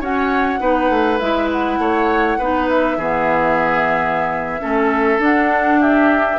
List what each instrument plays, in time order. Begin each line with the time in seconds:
0.00 clarinet C#4, bassoon F#4, oboe C#5, flute F#5
0.59 bassoon B3, clarinet D#4, oboe B4
0.89 bassoon A3
1.19 bassoon G#3, clarinet E4, flute E5
1.51 flute F#5
1.78 bassoon A3, oboe C#5
2.38 bassoon B3, clarinet D#4, oboe B4
2.69 flute E5
2.97 bassoon E3, clarinet B3, oboe G#4
4.60 bassoon A3, clarinet C#4, oboe A4
5.18 bassoon D4, clarinet D4, flute F#5
5.80 oboe G4, flute E5